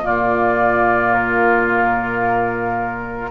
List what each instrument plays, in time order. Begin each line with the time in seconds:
0.00 bassoon A#2, clarinet A#3, oboe F4, flute D5
1.13 flute A#4